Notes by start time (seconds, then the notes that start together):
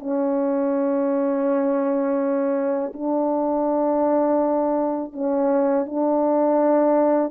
0.00 C#4
2.94 D4
5.13 C#4
5.86 D4